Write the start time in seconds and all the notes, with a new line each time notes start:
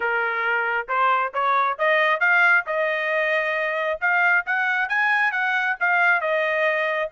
0.00 A#4
0.88 C5
1.33 C#5
1.78 D#5
2.20 F5
2.66 D#5
4.00 F5
4.46 F#5
4.88 G#5
5.31 F#5
5.80 F5
6.20 D#5